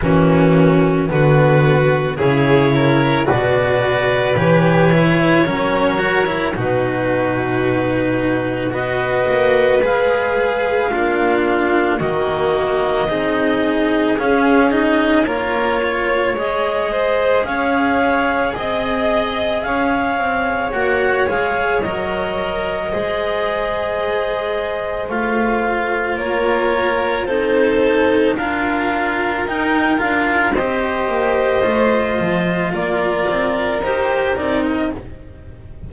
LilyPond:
<<
  \new Staff \with { instrumentName = "clarinet" } { \time 4/4 \tempo 4 = 55 fis'4 b'4 cis''4 d''4 | cis''2 b'2 | dis''4 f''2 dis''4~ | dis''4 f''8 dis''8 cis''4 dis''4 |
f''4 dis''4 f''4 fis''8 f''8 | dis''2. f''4 | cis''4 c''4 f''4 g''8 f''8 | dis''2 d''4 c''8 d''16 dis''16 | }
  \new Staff \with { instrumentName = "violin" } { \time 4/4 cis'4 fis'4 gis'8 ais'8 b'4~ | b'4 ais'4 fis'2 | b'2 f'4 fis'4 | gis'2 ais'8 cis''4 c''8 |
cis''4 dis''4 cis''2~ | cis''4 c''2. | ais'4 a'4 ais'2 | c''2 ais'2 | }
  \new Staff \with { instrumentName = "cello" } { \time 4/4 ais4 b4 e'4 fis'4 | g'8 e'8 cis'8 fis'16 e'16 dis'2 | fis'4 gis'4 d'4 ais4 | dis'4 cis'8 dis'8 f'4 gis'4~ |
gis'2. fis'8 gis'8 | ais'4 gis'2 f'4~ | f'4 dis'4 f'4 dis'8 f'8 | g'4 f'2 g'8 dis'8 | }
  \new Staff \with { instrumentName = "double bass" } { \time 4/4 e4 d4 cis4 b,4 | e4 fis4 b,2 | b8 ais8 gis4 ais4 dis4 | c'4 cis'4 ais4 gis4 |
cis'4 c'4 cis'8 c'8 ais8 gis8 | fis4 gis2 a4 | ais4 c'4 d'4 dis'8 d'8 | c'8 ais8 a8 f8 ais8 c'8 dis'8 c'8 | }
>>